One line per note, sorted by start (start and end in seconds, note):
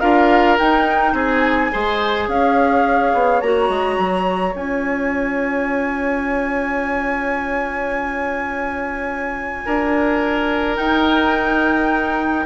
0.00 0.58 D4
0.00 0.58 F4
0.00 1.13 A#4
0.00 0.57 F5
0.58 1.71 D#4
0.58 1.13 D#4
0.58 1.15 G5
1.13 1.70 C4
1.13 1.71 G#4
1.13 2.29 G#5
1.71 2.28 G#3
1.71 3.41 G#4
1.71 2.28 C5
2.28 3.12 C#4
2.28 9.64 C#5
2.28 3.41 F5
3.13 3.42 B3
3.41 3.69 A#3
3.41 4.53 F#4
3.41 4.54 A#5
3.69 3.97 G#3
3.98 4.54 F#3
4.53 9.64 C#4
4.53 10.75 F4
4.53 10.77 G#5
9.65 10.78 D4
9.65 12.46 A#4
10.75 12.45 D#4
10.75 12.46 D#4
10.75 12.46 G5